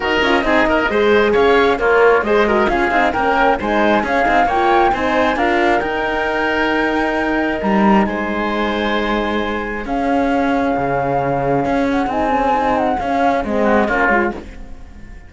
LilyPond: <<
  \new Staff \with { instrumentName = "flute" } { \time 4/4 \tempo 4 = 134 dis''2. f''4 | cis''4 dis''4 f''4 g''4 | gis''4 f''4 g''4 gis''4 | f''4 g''2.~ |
g''4 ais''4 gis''2~ | gis''2 f''2~ | f''2~ f''8 fis''8 gis''4~ | gis''8 fis''8 f''4 dis''4 cis''4 | }
  \new Staff \with { instrumentName = "oboe" } { \time 4/4 ais'4 gis'8 ais'8 c''4 cis''4 | f'4 c''8 ais'8 gis'4 ais'4 | c''4 gis'4 cis''4 c''4 | ais'1~ |
ais'2 c''2~ | c''2 gis'2~ | gis'1~ | gis'2~ gis'8 fis'8 f'4 | }
  \new Staff \with { instrumentName = "horn" } { \time 4/4 fis'8 f'8 dis'4 gis'2 | ais'4 gis'8 fis'8 f'8 dis'8 cis'4 | dis'4 cis'8 dis'8 f'4 dis'4 | f'4 dis'2.~ |
dis'1~ | dis'2 cis'2~ | cis'2. dis'8 cis'8 | dis'4 cis'4 c'4 cis'8 f'8 | }
  \new Staff \with { instrumentName = "cello" } { \time 4/4 dis'8 cis'8 c'8 ais8 gis4 cis'4 | ais4 gis4 cis'8 c'8 ais4 | gis4 cis'8 c'8 ais4 c'4 | d'4 dis'2.~ |
dis'4 g4 gis2~ | gis2 cis'2 | cis2 cis'4 c'4~ | c'4 cis'4 gis4 ais8 gis8 | }
>>